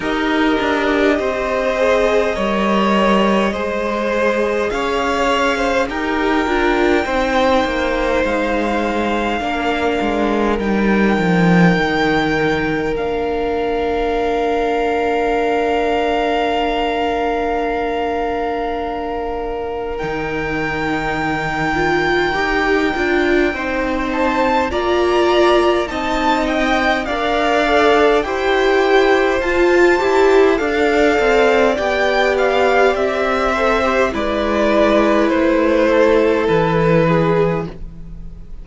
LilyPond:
<<
  \new Staff \with { instrumentName = "violin" } { \time 4/4 \tempo 4 = 51 dis''1 | f''4 g''2 f''4~ | f''4 g''2 f''4~ | f''1~ |
f''4 g''2.~ | g''8 a''8 ais''4 a''8 g''8 f''4 | g''4 a''4 f''4 g''8 f''8 | e''4 d''4 c''4 b'4 | }
  \new Staff \with { instrumentName = "violin" } { \time 4/4 ais'4 c''4 cis''4 c''4 | cis''8. c''16 ais'4 c''2 | ais'1~ | ais'1~ |
ais'1 | c''4 d''4 dis''4 d''4 | c''2 d''2~ | d''8 c''8 b'4. a'4 gis'8 | }
  \new Staff \with { instrumentName = "viola" } { \time 4/4 g'4. gis'8 ais'4 gis'4~ | gis'4 g'8 f'8 dis'2 | d'4 dis'2 d'4~ | d'1~ |
d'4 dis'4. f'8 g'8 f'8 | dis'4 f'4 dis'4 ais'8 a'8 | g'4 f'8 g'8 a'4 g'4~ | g'8 a'16 g'16 e'2. | }
  \new Staff \with { instrumentName = "cello" } { \time 4/4 dis'8 d'8 c'4 g4 gis4 | cis'4 dis'8 d'8 c'8 ais8 gis4 | ais8 gis8 g8 f8 dis4 ais4~ | ais1~ |
ais4 dis2 dis'8 d'8 | c'4 ais4 c'4 d'4 | e'4 f'8 e'8 d'8 c'8 b4 | c'4 gis4 a4 e4 | }
>>